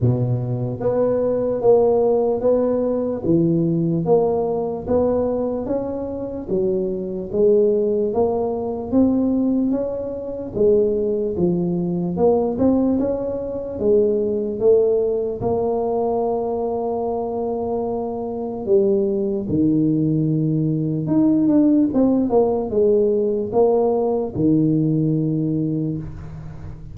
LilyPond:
\new Staff \with { instrumentName = "tuba" } { \time 4/4 \tempo 4 = 74 b,4 b4 ais4 b4 | e4 ais4 b4 cis'4 | fis4 gis4 ais4 c'4 | cis'4 gis4 f4 ais8 c'8 |
cis'4 gis4 a4 ais4~ | ais2. g4 | dis2 dis'8 d'8 c'8 ais8 | gis4 ais4 dis2 | }